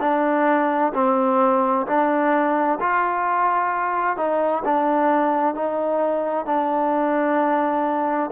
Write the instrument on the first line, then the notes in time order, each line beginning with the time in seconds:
trombone
0.00 D4
0.94 C4
1.86 D4
2.80 F4
4.17 D#4
4.64 D4
5.54 D#4
6.45 D4